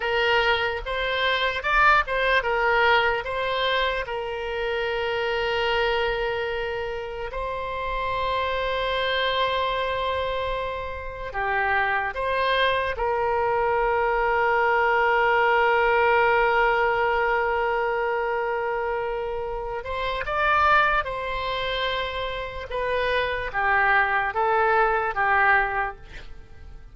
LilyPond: \new Staff \with { instrumentName = "oboe" } { \time 4/4 \tempo 4 = 74 ais'4 c''4 d''8 c''8 ais'4 | c''4 ais'2.~ | ais'4 c''2.~ | c''2 g'4 c''4 |
ais'1~ | ais'1~ | ais'8 c''8 d''4 c''2 | b'4 g'4 a'4 g'4 | }